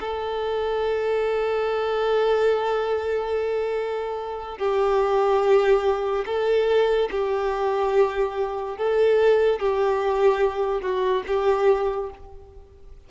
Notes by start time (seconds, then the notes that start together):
0.00 A4
4.58 G4
6.26 A4
7.11 G4
8.77 A4
9.59 G4
10.81 F#4
11.27 G4